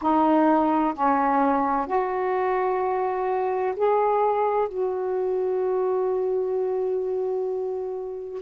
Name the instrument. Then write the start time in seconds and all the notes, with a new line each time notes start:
saxophone
0.01 D#4
0.94 C#4
1.87 F#4
3.76 G#4
4.68 F#4